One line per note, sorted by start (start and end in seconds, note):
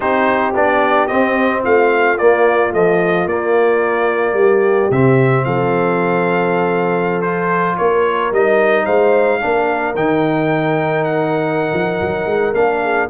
0.00 0.55 C4
0.00 0.53 D#4
0.00 1.61 G4
0.00 0.55 C5
0.54 1.09 B3
0.54 1.08 D4
0.54 1.07 D5
1.07 2.17 C4
1.07 1.65 C4
1.07 1.61 D#5
1.62 2.19 A3
1.62 4.35 F4
1.62 2.17 F5
2.17 2.72 A#3
2.17 2.74 A#3
2.17 2.72 D5
2.72 3.28 F3
2.72 3.25 A3
2.72 3.27 D#5
3.25 4.33 A#3
3.25 4.91 A#3
3.25 4.91 D5
4.33 4.87 G3
4.33 5.46 G4
4.90 5.45 C3
4.90 7.23 C4
4.90 5.44 E5
5.44 7.77 F3
5.44 7.77 A4
5.44 7.21 F5
7.21 8.32 F4
7.21 7.76 C5
7.77 8.31 A#3
7.77 8.84 A#4
7.77 8.31 C#5
8.31 8.86 G3
8.31 9.40 D#4
8.31 8.85 D#5
8.84 9.41 G#3
8.84 9.39 C5
8.84 9.94 F5
9.40 9.95 A#3
9.40 9.95 D4
9.40 12.82 A#4
9.95 11.72 D#3
9.95 12.54 D#4
9.95 11.04 G5
11.04 12.54 F#5
11.73 12.00 F3
12.01 12.26 F#3
12.26 12.53 G#3
12.54 13.08 A#3
12.54 13.09 D4
12.54 13.09 F5
12.82 13.09 G#4